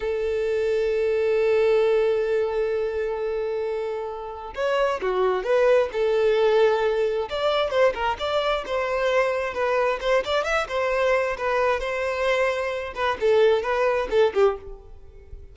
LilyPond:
\new Staff \with { instrumentName = "violin" } { \time 4/4 \tempo 4 = 132 a'1~ | a'1~ | a'2 cis''4 fis'4 | b'4 a'2. |
d''4 c''8 ais'8 d''4 c''4~ | c''4 b'4 c''8 d''8 e''8 c''8~ | c''4 b'4 c''2~ | c''8 b'8 a'4 b'4 a'8 g'8 | }